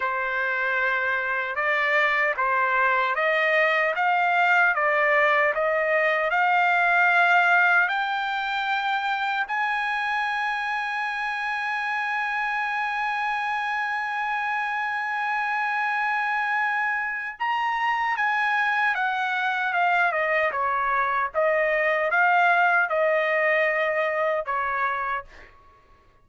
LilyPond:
\new Staff \with { instrumentName = "trumpet" } { \time 4/4 \tempo 4 = 76 c''2 d''4 c''4 | dis''4 f''4 d''4 dis''4 | f''2 g''2 | gis''1~ |
gis''1~ | gis''2 ais''4 gis''4 | fis''4 f''8 dis''8 cis''4 dis''4 | f''4 dis''2 cis''4 | }